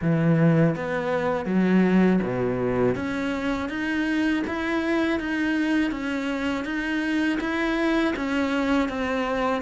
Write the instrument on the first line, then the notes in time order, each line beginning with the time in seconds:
cello
0.01 E3
0.75 B3
1.45 F#3
2.22 B2
2.95 C#4
3.69 D#4
4.46 E4
5.19 D#4
5.91 C#4
6.65 D#4
7.40 E4
8.15 C#4
8.89 C4